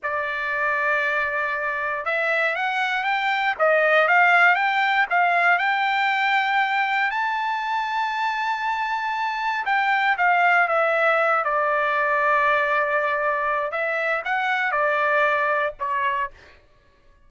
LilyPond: \new Staff \with { instrumentName = "trumpet" } { \time 4/4 \tempo 4 = 118 d''1 | e''4 fis''4 g''4 dis''4 | f''4 g''4 f''4 g''4~ | g''2 a''2~ |
a''2. g''4 | f''4 e''4. d''4.~ | d''2. e''4 | fis''4 d''2 cis''4 | }